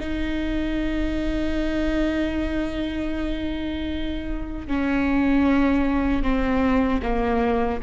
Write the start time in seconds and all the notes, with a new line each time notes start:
0.00 D#4
4.68 C#4
6.23 C4
7.02 A#3